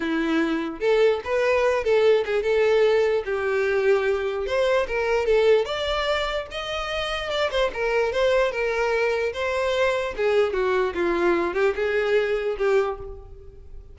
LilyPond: \new Staff \with { instrumentName = "violin" } { \time 4/4 \tempo 4 = 148 e'2 a'4 b'4~ | b'8 a'4 gis'8 a'2 | g'2. c''4 | ais'4 a'4 d''2 |
dis''2 d''8 c''8 ais'4 | c''4 ais'2 c''4~ | c''4 gis'4 fis'4 f'4~ | f'8 g'8 gis'2 g'4 | }